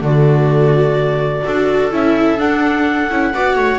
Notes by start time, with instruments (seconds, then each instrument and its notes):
0.00 double bass D3, viola A3 F#4, clarinet D5
1.44 double bass D4, viola F#4 A4
1.91 double bass C#4, viola E4, clarinet E5
2.38 double bass D4, viola D4, clarinet F#5
3.10 double bass C#4, viola E4
3.33 double bass B3, viola F#4 D5
3.55 double bass A3, viola C#5